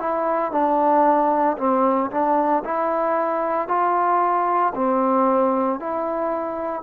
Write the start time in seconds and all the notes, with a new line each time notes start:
0.00 E4
0.52 D4
1.58 C4
2.11 D4
2.65 E4
3.68 F4
4.75 C4
5.80 E4